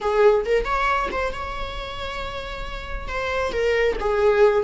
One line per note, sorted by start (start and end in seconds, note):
0.00 0.45 G#4
0.45 0.64 A#4
0.64 1.08 C#5
1.11 1.33 C5
1.33 3.08 C#5
3.08 3.52 C5
3.52 3.96 A#4
3.99 4.63 G#4